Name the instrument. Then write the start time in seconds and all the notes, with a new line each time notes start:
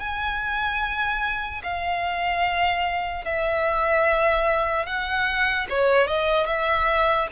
violin
0.00 G#5
1.63 F5
3.25 E5
4.86 F#5
5.70 C#5
6.07 D#5
6.46 E5